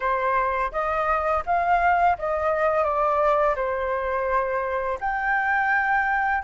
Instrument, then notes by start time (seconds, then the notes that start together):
flute
0.00 C5
0.72 D#5
1.45 F5
2.18 D#5
2.83 D5
3.55 C5
5.00 G5